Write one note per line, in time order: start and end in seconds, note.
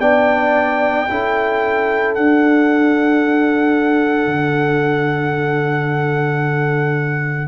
0.00 1.07 B3
0.00 1.09 D4
0.00 1.08 D5
0.00 2.15 G5
1.10 2.17 C#4
1.10 2.17 E4
1.10 7.48 A4
2.15 4.26 D4
2.15 7.48 D4
2.15 7.48 F#5
4.26 7.48 D3